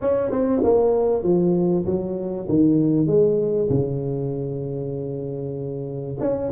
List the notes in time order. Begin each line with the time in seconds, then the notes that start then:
0.01 C#4
0.31 C4
0.63 A#3
1.23 F3
1.85 F#3
2.48 D#3
3.06 G#3
3.69 C#3
6.19 C#4